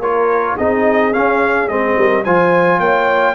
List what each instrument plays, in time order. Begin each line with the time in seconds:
0.00 tuba A#3, trombone F4, horn A#4, trumpet C#5
0.57 tuba C4, trombone D#4, horn G#4, trumpet D#5
1.13 trombone C#4, tuba C#4, trumpet F5
1.68 tuba G#3, trombone C4, trumpet D#5
1.98 tuba G3, horn A#4
2.24 tuba F3, trombone F4, horn C5, trumpet G#5
2.80 tuba A#3, horn C#5, trumpet G5